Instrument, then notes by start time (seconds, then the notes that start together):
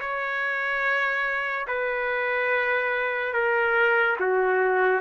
trumpet
0.00 C#5
1.67 B4
3.33 A#4
4.20 F#4